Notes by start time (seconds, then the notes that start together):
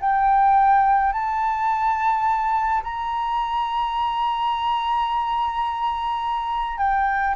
0.00 G5
1.13 A5
2.84 A#5
6.78 G5